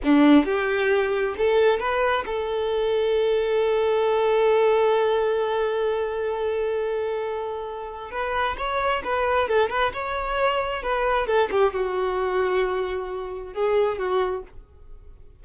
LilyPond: \new Staff \with { instrumentName = "violin" } { \time 4/4 \tempo 4 = 133 d'4 g'2 a'4 | b'4 a'2.~ | a'1~ | a'1~ |
a'2 b'4 cis''4 | b'4 a'8 b'8 cis''2 | b'4 a'8 g'8 fis'2~ | fis'2 gis'4 fis'4 | }